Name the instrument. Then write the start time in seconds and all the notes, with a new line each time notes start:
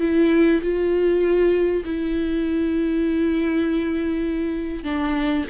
viola
0.00 E4
0.62 F4
1.85 E4
4.84 D4